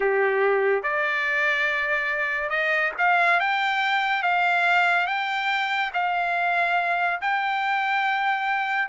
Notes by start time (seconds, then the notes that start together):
0.00 G4
0.82 D5
2.49 D#5
2.98 F5
3.40 G5
4.22 F5
5.06 G5
5.93 F5
7.21 G5